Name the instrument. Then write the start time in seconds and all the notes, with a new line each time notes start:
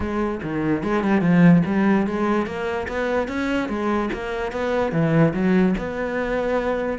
cello
0.00 G#3
0.42 D#3
0.83 G#3
1.03 G3
1.21 F3
1.65 G3
2.06 G#3
2.46 A#3
2.88 B3
3.27 C#4
3.68 G#3
4.13 A#3
4.51 B3
4.91 E3
5.33 F#3
5.78 B3